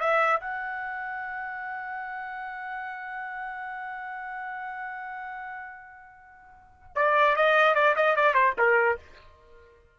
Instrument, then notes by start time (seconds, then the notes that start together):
trumpet
0.00 E5
0.40 F#5
6.95 D5
7.36 D#5
7.75 D5
7.96 D#5
8.16 D5
8.34 C5
8.58 A#4